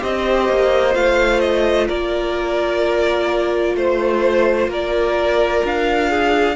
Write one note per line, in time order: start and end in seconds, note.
0.00 0.49 C4
0.00 0.93 G4
0.00 1.88 C5
0.00 0.95 D#5
0.49 0.95 A#3
0.93 1.89 A3
0.93 6.56 F4
0.93 1.41 F5
1.41 1.88 D#5
1.88 3.75 A#3
1.88 3.76 A#4
1.88 3.76 D5
3.75 4.68 A3
3.75 4.70 C5
3.75 4.71 C5
4.68 5.62 A#3
4.68 6.10 A#4
4.68 5.67 D5
5.65 6.56 D4
5.65 6.56 F5
6.10 6.56 G#4